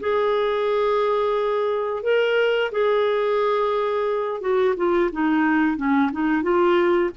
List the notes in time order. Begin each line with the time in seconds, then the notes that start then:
0.00 G#4
2.03 A#4
2.72 G#4
4.41 F#4
4.77 F4
5.12 D#4
5.77 C#4
6.12 D#4
6.42 F4